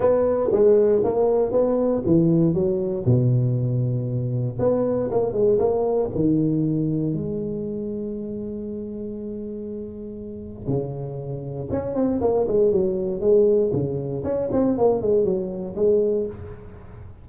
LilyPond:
\new Staff \with { instrumentName = "tuba" } { \time 4/4 \tempo 4 = 118 b4 gis4 ais4 b4 | e4 fis4 b,2~ | b,4 b4 ais8 gis8 ais4 | dis2 gis2~ |
gis1~ | gis4 cis2 cis'8 c'8 | ais8 gis8 fis4 gis4 cis4 | cis'8 c'8 ais8 gis8 fis4 gis4 | }